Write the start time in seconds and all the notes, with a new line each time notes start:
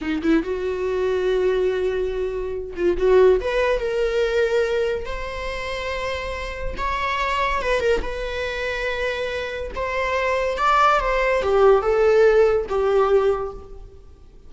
0.01 D#4
0.22 E4
0.43 F#4
2.76 F4
2.97 F#4
3.41 B4
3.79 A#4
5.05 C5
6.77 C#5
7.62 B4
7.79 A#4
8.02 B4
9.75 C5
10.57 D5
11.00 C5
11.42 G4
11.82 A4
12.69 G4